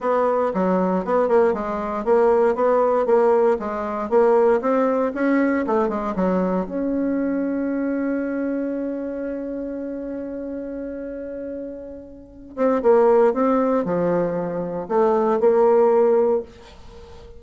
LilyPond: \new Staff \with { instrumentName = "bassoon" } { \time 4/4 \tempo 4 = 117 b4 fis4 b8 ais8 gis4 | ais4 b4 ais4 gis4 | ais4 c'4 cis'4 a8 gis8 | fis4 cis'2.~ |
cis'1~ | cis'1~ | cis'8 c'8 ais4 c'4 f4~ | f4 a4 ais2 | }